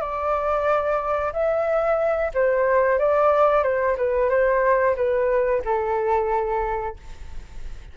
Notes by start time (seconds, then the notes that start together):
0.00 D5
1.32 E5
2.34 C5
2.99 D5
3.63 C5
3.97 B4
4.29 C5
4.96 B4
5.64 A4